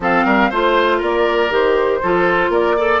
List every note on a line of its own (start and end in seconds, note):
0.00 0.25 F3
0.00 0.51 C4
0.00 0.25 A4
0.00 0.51 F5
0.25 0.50 G3
0.25 0.50 A#4
0.50 1.01 A3
0.50 1.49 F4
0.50 0.98 C5
0.50 1.02 C5
0.98 1.50 A#3
0.98 1.99 A#4
0.98 1.53 D5
1.49 2.00 D#3
1.49 2.00 G4
1.49 2.52 C5
2.02 2.49 F3
2.02 2.77 F4
2.02 2.50 A4
2.49 2.99 A#3
2.49 2.76 A#4
2.49 3.00 D5
2.76 3.00 A4
2.76 3.00 D5